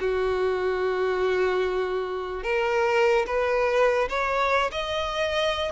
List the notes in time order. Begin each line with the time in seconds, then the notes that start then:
0.00 F#4
2.43 A#4
3.26 B4
4.09 C#5
4.71 D#5